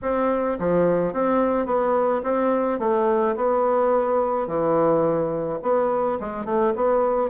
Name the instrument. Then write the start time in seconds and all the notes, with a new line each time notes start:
bassoon
0.02 C4
0.59 F3
1.13 C4
1.66 B3
2.23 C4
2.79 A3
3.36 B3
4.47 E3
5.62 B3
6.20 G#3
6.45 A3
6.75 B3